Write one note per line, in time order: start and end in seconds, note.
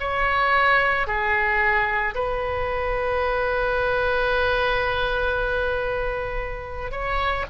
0.00 1.07 C#5
1.07 2.14 G#4
2.15 6.92 B4
6.92 7.46 C#5